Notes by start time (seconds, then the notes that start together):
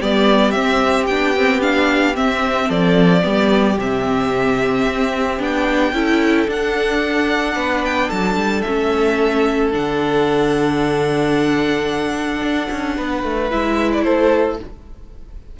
0.00 G3 B3 G4 D5
0.51 C4 E5
1.06 B3 D4 G5
1.36 C4
1.61 D4 F5
2.14 C4 E5
2.67 F3 A4 D5
3.21 G3 B3 G4
3.78 C3 C4 E5
4.86 C4
5.39 B3 D4 G5
5.92 C#4 E4 A4
6.48 D4 F#5
7.55 B3 B4
7.85 G5
8.08 F#3 A4 A5
8.36 G3
8.62 A3 C#4 E5
9.72 D3 D4 F#5
12.41 D4
12.71 C#4
12.97 B3 B4
13.23 A3
13.51 G#3 E4 E5
13.92 D5
14.03 A3 A4 C5